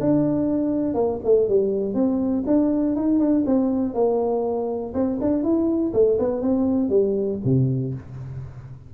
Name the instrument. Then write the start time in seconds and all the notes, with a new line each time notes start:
tuba
0.00 D4
0.94 A#3
1.24 A3
1.48 G3
1.94 C4
2.46 D4
2.95 D#4
3.19 D4
3.46 C4
3.94 A#3
4.94 C4
5.20 D4
5.43 E4
5.93 A3
6.19 B3
6.41 C4
6.89 G3
7.44 C3